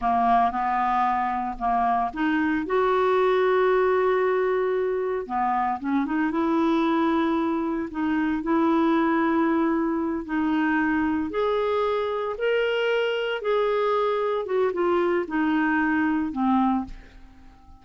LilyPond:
\new Staff \with { instrumentName = "clarinet" } { \time 4/4 \tempo 4 = 114 ais4 b2 ais4 | dis'4 fis'2.~ | fis'2 b4 cis'8 dis'8 | e'2. dis'4 |
e'2.~ e'8 dis'8~ | dis'4. gis'2 ais'8~ | ais'4. gis'2 fis'8 | f'4 dis'2 c'4 | }